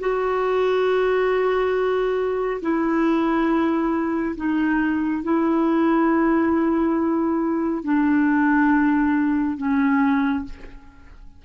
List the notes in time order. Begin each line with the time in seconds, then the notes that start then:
0.00 F#4
2.62 E4
4.37 D#4
5.24 E4
7.84 D4
9.58 C#4